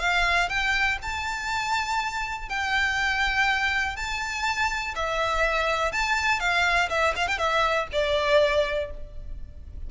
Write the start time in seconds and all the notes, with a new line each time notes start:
0.00 F5
0.49 G5
1.03 A5
2.49 G5
3.97 A5
4.96 E5
5.92 A5
6.40 F5
6.90 E5
7.16 F5
7.28 G5
7.39 E5
7.92 D5